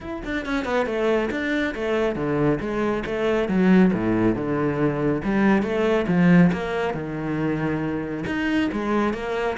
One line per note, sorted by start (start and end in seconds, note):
0.00 0.22 E4
0.25 0.45 D4
0.45 0.65 C#4
0.65 0.86 B3
0.86 1.29 A3
1.30 1.74 D4
1.75 2.15 A3
2.15 2.59 D3
2.60 3.03 G#3
3.06 3.48 A3
3.48 3.91 F#3
3.93 4.35 A2
4.35 5.22 D3
5.24 5.62 G3
5.62 6.06 A3
6.07 6.51 F3
6.52 6.93 A#3
6.93 8.24 D#3
8.26 8.70 D#4
8.72 9.13 G#3
9.13 9.57 A#3